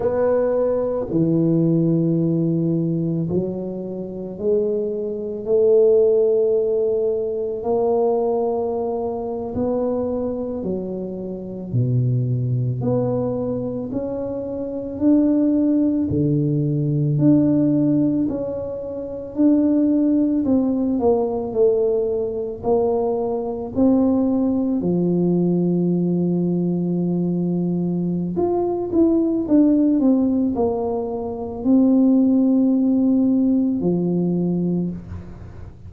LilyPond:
\new Staff \with { instrumentName = "tuba" } { \time 4/4 \tempo 4 = 55 b4 e2 fis4 | gis4 a2 ais4~ | ais8. b4 fis4 b,4 b16~ | b8. cis'4 d'4 d4 d'16~ |
d'8. cis'4 d'4 c'8 ais8 a16~ | a8. ais4 c'4 f4~ f16~ | f2 f'8 e'8 d'8 c'8 | ais4 c'2 f4 | }